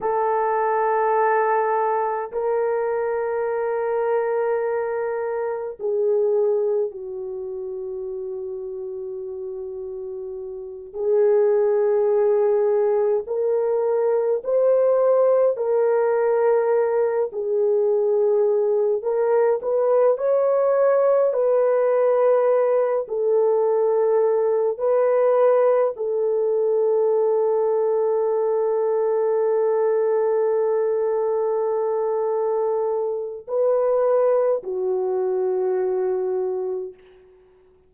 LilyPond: \new Staff \with { instrumentName = "horn" } { \time 4/4 \tempo 4 = 52 a'2 ais'2~ | ais'4 gis'4 fis'2~ | fis'4. gis'2 ais'8~ | ais'8 c''4 ais'4. gis'4~ |
gis'8 ais'8 b'8 cis''4 b'4. | a'4. b'4 a'4.~ | a'1~ | a'4 b'4 fis'2 | }